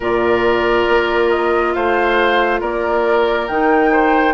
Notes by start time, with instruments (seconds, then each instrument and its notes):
0.00 bassoon A#2, clarinet F4, oboe A#4, flute D5
0.88 bassoon A#3
1.30 flute D#5
1.73 bassoon A3, oboe C5, flute F5
2.60 bassoon A#3, oboe A#4, flute D5
3.47 bassoon D#3, clarinet D#4, flute G5
3.91 oboe C5